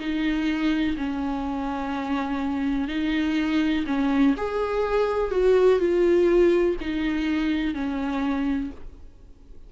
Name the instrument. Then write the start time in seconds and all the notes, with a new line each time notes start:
viola
0.00 D#4
0.98 C#4
2.89 D#4
3.87 C#4
4.37 G#4
5.31 F#4
5.80 F4
6.81 D#4
7.74 C#4